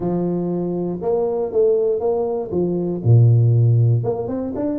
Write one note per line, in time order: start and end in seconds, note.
0.00 0.99 F3
1.01 1.52 A#3
1.52 2.00 A3
2.00 2.50 A#3
2.51 3.01 F3
3.04 4.03 A#2
4.03 4.27 A#3
4.27 4.53 C4
4.55 4.79 D4